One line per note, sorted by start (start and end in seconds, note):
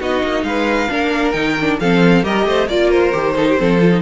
0.00 0.23 B3
0.00 0.89 D#4
0.00 0.45 F#4
0.00 0.44 D#5
0.24 0.43 A#3
0.43 0.88 G#3
0.43 0.91 B4
0.43 1.32 F5
0.89 1.34 A#3
0.89 1.34 D4
0.89 1.80 A#4
1.32 1.79 D#3
1.32 1.56 D#4
1.32 1.76 G5
1.61 1.81 D4
1.80 2.24 F3
1.80 2.23 C4
1.80 2.25 A4
1.80 2.24 F5
2.23 2.46 G3
2.23 2.68 G4
2.23 2.47 A#4
2.23 2.69 D#5
2.46 2.68 A3
2.46 2.68 C5
2.68 3.12 A#3
2.68 3.12 F4
2.68 2.90 D5
2.68 2.92 D5
2.90 3.35 A#4
2.90 4.02 C5
3.12 3.59 D#3
3.12 3.35 G4
3.36 3.57 D#4
3.36 3.48 A4
3.49 3.60 G4
3.57 4.02 F3
3.57 3.80 C4
3.57 4.02 A4
3.81 3.92 F4
3.92 4.02 D#4